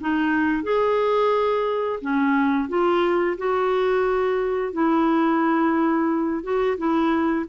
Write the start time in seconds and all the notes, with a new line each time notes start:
0.00 D#4
0.63 G#4
2.01 C#4
2.69 F4
3.37 F#4
4.72 E4
6.43 F#4
6.77 E4